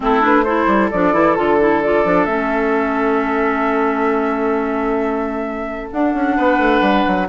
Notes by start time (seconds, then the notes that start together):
0.00 A3 C4 E4 A4
0.21 D4 B4
0.43 E4 A4 C5
0.67 G3
0.91 F3 D4 D5
1.12 E3 E4
1.35 D3 F4 A4
1.60 E4
1.82 F4 D5
2.04 F3 D4
2.25 A3 C#4 E5
5.91 D4 F#5
6.13 C#4
6.36 B3 B4
6.58 A3
6.81 G3
7.07 F#3